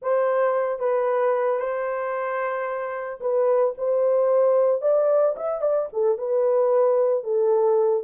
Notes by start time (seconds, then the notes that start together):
0.01 C5
0.79 B4
1.59 C5
3.20 B4
3.77 C5
4.81 D5
5.36 E5
5.61 D5
5.92 A4
6.18 B4
7.23 A4